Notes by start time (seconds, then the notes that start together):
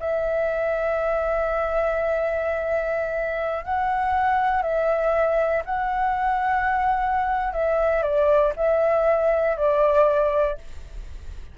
0.00 E5
3.65 F#5
4.62 E5
5.65 F#5
7.53 E5
8.03 D5
8.57 E5
9.58 D5